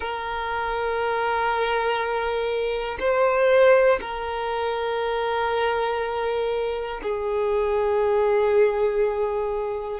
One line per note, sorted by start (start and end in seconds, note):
0.00 2.97 A#4
2.99 3.99 C5
4.00 7.00 A#4
7.02 10.00 G#4